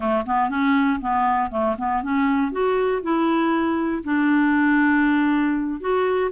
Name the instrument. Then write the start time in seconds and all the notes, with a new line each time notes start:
clarinet
0.00 A3
0.26 B3
0.49 C#4
1.00 B3
1.50 A3
1.78 B3
2.02 C#4
2.51 F#4
3.02 E4
4.04 D4
5.80 F#4